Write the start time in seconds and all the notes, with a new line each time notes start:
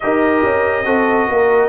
0.00 D#4 G4 A#4 D#5
0.43 C#4
0.84 C4 F#4 A4
1.28 A#3 A#4